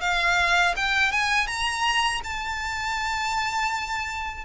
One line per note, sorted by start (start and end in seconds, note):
0.00 0.74 F5
0.76 1.11 G5
1.11 1.47 G#5
1.47 2.21 A#5
2.24 4.44 A5